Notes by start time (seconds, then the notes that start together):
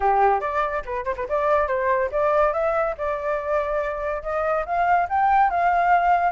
0.00 G4
0.40 D5
0.85 B4
1.04 C5
1.16 B4
1.28 D5
1.67 C5
2.11 D5
2.53 E5
2.97 D5
4.22 D#5
4.65 F5
5.09 G5
5.49 F5